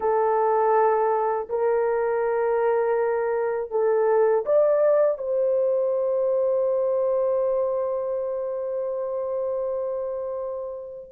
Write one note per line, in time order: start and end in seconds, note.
0.00 1.48 A4
1.48 3.70 A#4
3.70 4.44 A4
4.45 5.18 D5
5.18 11.10 C5